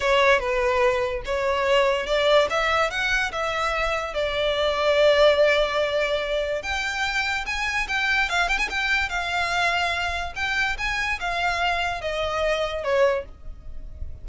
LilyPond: \new Staff \with { instrumentName = "violin" } { \time 4/4 \tempo 4 = 145 cis''4 b'2 cis''4~ | cis''4 d''4 e''4 fis''4 | e''2 d''2~ | d''1 |
g''2 gis''4 g''4 | f''8 g''16 gis''16 g''4 f''2~ | f''4 g''4 gis''4 f''4~ | f''4 dis''2 cis''4 | }